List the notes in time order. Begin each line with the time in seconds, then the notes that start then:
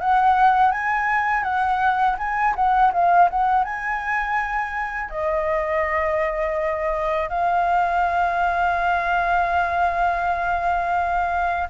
0.00 F#5
0.72 G#5
1.43 F#5
2.18 G#5
2.55 F#5
2.93 F5
3.30 F#5
3.64 G#5
5.10 D#5
7.29 F5